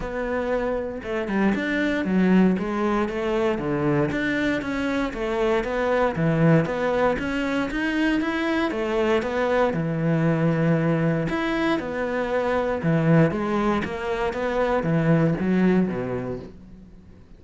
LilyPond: \new Staff \with { instrumentName = "cello" } { \time 4/4 \tempo 4 = 117 b2 a8 g8 d'4 | fis4 gis4 a4 d4 | d'4 cis'4 a4 b4 | e4 b4 cis'4 dis'4 |
e'4 a4 b4 e4~ | e2 e'4 b4~ | b4 e4 gis4 ais4 | b4 e4 fis4 b,4 | }